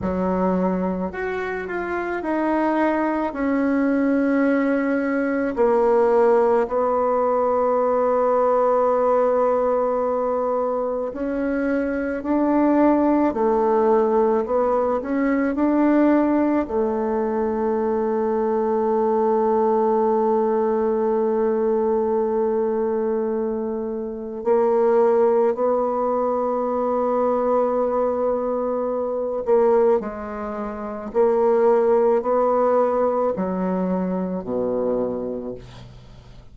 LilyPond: \new Staff \with { instrumentName = "bassoon" } { \time 4/4 \tempo 4 = 54 fis4 fis'8 f'8 dis'4 cis'4~ | cis'4 ais4 b2~ | b2 cis'4 d'4 | a4 b8 cis'8 d'4 a4~ |
a1~ | a2 ais4 b4~ | b2~ b8 ais8 gis4 | ais4 b4 fis4 b,4 | }